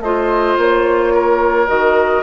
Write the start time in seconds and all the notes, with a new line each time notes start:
0.00 A3 F4 C5 D#5
0.57 A#3 C#5
1.13 A#4
1.67 D#3 F#4 D#5